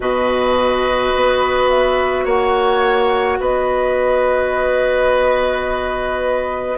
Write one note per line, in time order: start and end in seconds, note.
0.00 1.12 B2
0.00 6.77 F#4
0.00 2.24 B4
0.00 1.69 D#5
1.15 2.25 B3
1.69 2.25 E5
2.24 3.38 A#3
2.24 3.37 C#5
2.24 3.40 F#5
3.39 6.77 B3
3.39 6.77 B4
3.39 6.77 D#5